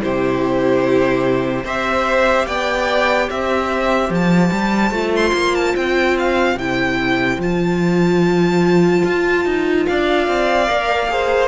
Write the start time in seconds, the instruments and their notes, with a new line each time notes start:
0.00 cello C3, viola E4, violin G4 C5
1.65 cello C4, viola G4, violin C5 E5
2.48 cello B3, violin D5 G5
3.29 cello C4, violin C5 E5
4.10 cello F3, violin A5
4.52 cello G3
4.91 cello A3, viola F4
5.16 violin C6
5.34 cello A#3
5.55 violin A5
5.77 cello C4, violin G5
6.19 violin F5
6.56 cello C3, viola E4, violin G5
7.39 cello F3, viola F4, violin A5
9.05 cello F4
9.46 cello D#4
9.87 cello D4, violin D5 F5
10.28 cello C4
10.67 cello A#3, viola A#4
11.10 viola G#4, violin C5